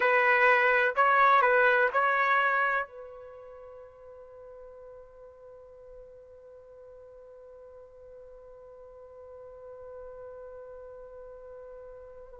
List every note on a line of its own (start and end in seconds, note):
0.00 0.94 B4
0.95 1.41 C#5
1.41 1.89 B4
1.93 2.87 C#5
2.87 12.39 B4